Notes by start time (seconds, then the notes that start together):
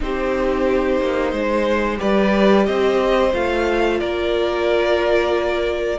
0.00 C4 D#4 G4 C5
1.00 A#3
1.31 G#3 C5
1.97 G3 G4 B4 D5
2.65 C4 C5 D#5
3.32 A3 F4 F5
3.99 A#3 A#4 D5